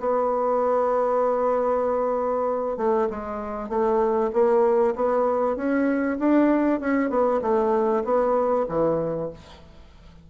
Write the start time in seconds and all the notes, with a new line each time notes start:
0.00 B3
2.78 A3
3.10 G#3
3.69 A3
4.33 A#3
4.96 B3
5.56 C#4
6.19 D4
6.80 C#4
7.10 B3
7.42 A3
8.04 B3
8.69 E3